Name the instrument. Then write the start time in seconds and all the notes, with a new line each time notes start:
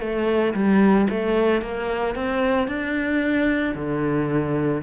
cello
0.00 A3
0.54 G3
1.10 A3
1.62 A#3
2.15 C4
2.68 D4
3.75 D3